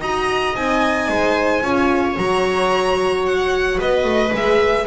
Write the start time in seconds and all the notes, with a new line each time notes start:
0.00 D#4 F#4 D#5 A#5
0.55 C4 D#4 G#5
1.08 G#3 C5
1.61 C#4 F4 C#5
2.14 F#3 F#4 A#5
3.25 F#5
3.77 B3 B4 D#5
4.04 A3
4.31 G#3 G#4 E5